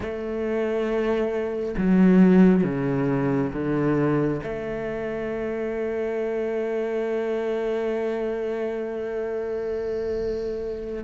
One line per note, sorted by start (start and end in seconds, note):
0.00 1.74 A3
1.77 2.63 F#3
2.63 3.51 C#3
3.53 4.41 D3
4.43 11.03 A3